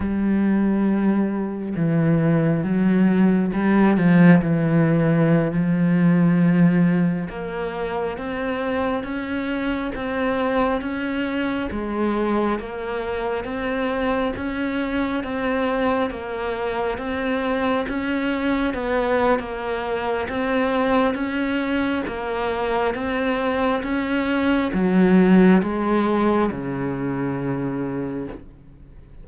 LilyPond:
\new Staff \with { instrumentName = "cello" } { \time 4/4 \tempo 4 = 68 g2 e4 fis4 | g8 f8 e4~ e16 f4.~ f16~ | f16 ais4 c'4 cis'4 c'8.~ | c'16 cis'4 gis4 ais4 c'8.~ |
c'16 cis'4 c'4 ais4 c'8.~ | c'16 cis'4 b8. ais4 c'4 | cis'4 ais4 c'4 cis'4 | fis4 gis4 cis2 | }